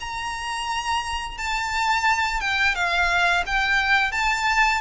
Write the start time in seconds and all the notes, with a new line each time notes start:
0.00 A#5
1.37 A5
2.40 G5
2.75 F5
3.46 G5
4.12 A5